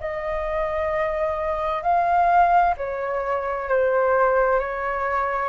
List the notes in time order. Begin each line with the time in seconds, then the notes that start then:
0.00 D#5
1.82 F5
2.77 C#5
3.68 C5
4.59 C#5